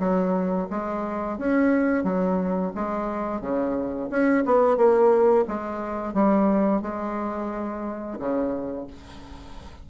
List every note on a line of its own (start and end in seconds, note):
0.00 0.68 F#3
0.70 1.39 G#3
1.39 2.04 C#4
2.04 2.72 F#3
2.76 3.41 G#3
3.41 4.09 C#3
4.10 4.44 C#4
4.46 4.77 B3
4.77 5.45 A#3
5.48 6.14 G#3
6.14 6.82 G3
6.82 8.18 G#3
8.19 8.88 C#3